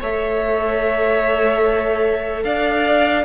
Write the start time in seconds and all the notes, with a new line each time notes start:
0.00 A3 A4 C#5 E5
2.44 D4 D5 F5